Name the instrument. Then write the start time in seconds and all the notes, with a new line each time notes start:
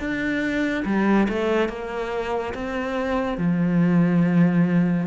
cello
0.00 D4
0.86 G3
1.29 A3
1.69 A#3
2.55 C4
3.38 F3